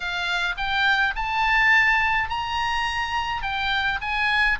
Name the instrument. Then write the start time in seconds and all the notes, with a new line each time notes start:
oboe
0.00 F5
0.57 G5
1.15 A5
2.29 A#5
3.42 G5
4.01 G#5